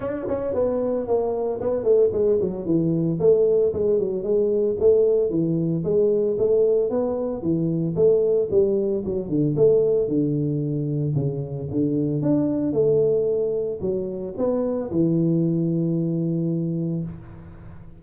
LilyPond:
\new Staff \with { instrumentName = "tuba" } { \time 4/4 \tempo 4 = 113 d'8 cis'8 b4 ais4 b8 a8 | gis8 fis8 e4 a4 gis8 fis8 | gis4 a4 e4 gis4 | a4 b4 e4 a4 |
g4 fis8 d8 a4 d4~ | d4 cis4 d4 d'4 | a2 fis4 b4 | e1 | }